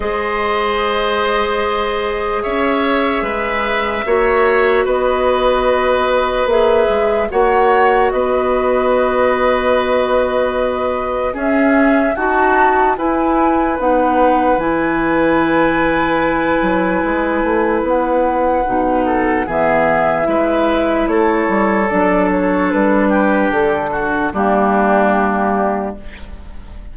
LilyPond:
<<
  \new Staff \with { instrumentName = "flute" } { \time 4/4 \tempo 4 = 74 dis''2. e''4~ | e''2 dis''2 | e''4 fis''4 dis''2~ | dis''2 e''4 a''4 |
gis''4 fis''4 gis''2~ | gis''2 fis''2 | e''2 cis''4 d''8 cis''8 | b'4 a'4 g'2 | }
  \new Staff \with { instrumentName = "oboe" } { \time 4/4 c''2. cis''4 | b'4 cis''4 b'2~ | b'4 cis''4 b'2~ | b'2 gis'4 fis'4 |
b'1~ | b'2.~ b'8 a'8 | gis'4 b'4 a'2~ | a'8 g'4 fis'8 d'2 | }
  \new Staff \with { instrumentName = "clarinet" } { \time 4/4 gis'1~ | gis'4 fis'2. | gis'4 fis'2.~ | fis'2 cis'4 fis'4 |
e'4 dis'4 e'2~ | e'2. dis'4 | b4 e'2 d'4~ | d'2 ais2 | }
  \new Staff \with { instrumentName = "bassoon" } { \time 4/4 gis2. cis'4 | gis4 ais4 b2 | ais8 gis8 ais4 b2~ | b2 cis'4 dis'4 |
e'4 b4 e2~ | e8 fis8 gis8 a8 b4 b,4 | e4 gis4 a8 g8 fis4 | g4 d4 g2 | }
>>